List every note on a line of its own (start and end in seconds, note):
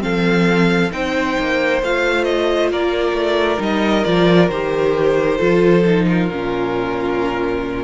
0.00 0.92 F3
0.00 0.90 C4
0.00 0.93 A4
0.00 0.92 F5
0.92 1.38 C4
0.92 1.81 D#4
0.92 2.72 C5
0.92 1.82 G5
1.39 1.82 A#3
1.82 2.71 A3
1.82 3.59 F4
1.82 2.24 F5
2.24 2.69 D#5
2.71 3.13 A#3
2.71 5.38 A#4
2.71 3.62 D5
3.13 3.58 A3
3.59 4.05 G3
3.59 4.04 D#4
3.59 4.04 D#5
4.04 4.50 F3
4.04 4.50 F4
4.04 4.49 D5
4.49 5.40 D#3
4.49 5.39 G4
4.49 6.06 C5
5.38 6.30 F3
5.38 5.83 F4
5.38 6.06 A4
5.86 6.31 D#4
6.08 7.84 F4
6.08 7.84 A#4
6.30 7.84 A#2
6.30 7.84 C#4